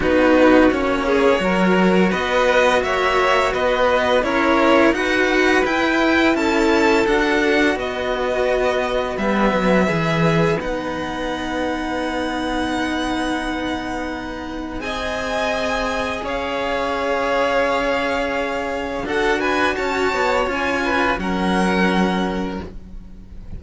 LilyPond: <<
  \new Staff \with { instrumentName = "violin" } { \time 4/4 \tempo 4 = 85 b'4 cis''2 dis''4 | e''4 dis''4 cis''4 fis''4 | g''4 a''4 fis''4 dis''4~ | dis''4 e''2 fis''4~ |
fis''1~ | fis''4 gis''2 f''4~ | f''2. fis''8 gis''8 | a''4 gis''4 fis''2 | }
  \new Staff \with { instrumentName = "violin" } { \time 4/4 fis'4. gis'8 ais'4 b'4 | cis''4 b'4 ais'4 b'4~ | b'4 a'2 b'4~ | b'1~ |
b'1~ | b'4 dis''2 cis''4~ | cis''2. a'8 b'8 | cis''4. b'8 ais'2 | }
  \new Staff \with { instrumentName = "cello" } { \time 4/4 dis'4 cis'4 fis'2~ | fis'2 e'4 fis'4 | e'2 fis'2~ | fis'4 b4 gis'4 dis'4~ |
dis'1~ | dis'4 gis'2.~ | gis'2. fis'4~ | fis'4 f'4 cis'2 | }
  \new Staff \with { instrumentName = "cello" } { \time 4/4 b4 ais4 fis4 b4 | ais4 b4 cis'4 dis'4 | e'4 cis'4 d'4 b4~ | b4 g8 fis8 e4 b4~ |
b1~ | b4 c'2 cis'4~ | cis'2. d'4 | cis'8 b8 cis'4 fis2 | }
>>